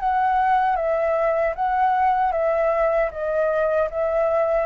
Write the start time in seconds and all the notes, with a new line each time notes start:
0.00 F#5
0.77 E5
1.55 F#5
2.32 E5
3.11 D#5
3.91 E5